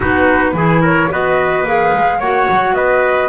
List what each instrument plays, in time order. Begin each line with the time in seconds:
0.00 double bass B3, clarinet D#4, trumpet F#4, flute B4
0.53 double bass E3, clarinet E4, trumpet G#4
0.81 trumpet A#4, flute C#5
1.10 double bass B3, clarinet F#4, trumpet B4, flute D#5
1.63 double bass A#3, clarinet G#4, flute F5
1.92 double bass G#3
2.18 double bass A#3, clarinet F#4, trumpet C#5, flute F#5
2.49 double bass F#3
2.72 double bass B3, trumpet B4, flute D#5